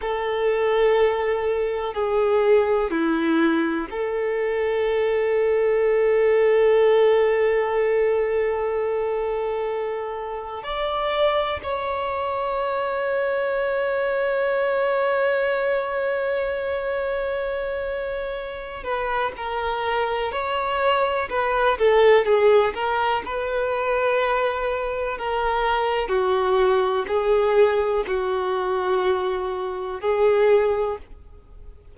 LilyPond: \new Staff \with { instrumentName = "violin" } { \time 4/4 \tempo 4 = 62 a'2 gis'4 e'4 | a'1~ | a'2. d''4 | cis''1~ |
cis''2.~ cis''8 b'8 | ais'4 cis''4 b'8 a'8 gis'8 ais'8 | b'2 ais'4 fis'4 | gis'4 fis'2 gis'4 | }